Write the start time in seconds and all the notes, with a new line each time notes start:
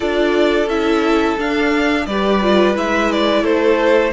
0.00 D4 F4 A4 D5
0.66 C#4 E4 E5
1.38 D4 F5
2.06 G3 G4 B4 D5
2.42 F4
2.74 G#3 E4 E5
3.11 D5
3.42 A3 A4 C5